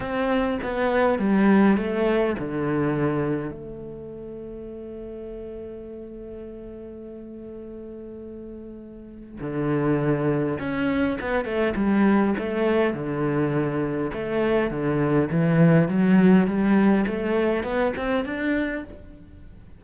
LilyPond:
\new Staff \with { instrumentName = "cello" } { \time 4/4 \tempo 4 = 102 c'4 b4 g4 a4 | d2 a2~ | a1~ | a1 |
d2 cis'4 b8 a8 | g4 a4 d2 | a4 d4 e4 fis4 | g4 a4 b8 c'8 d'4 | }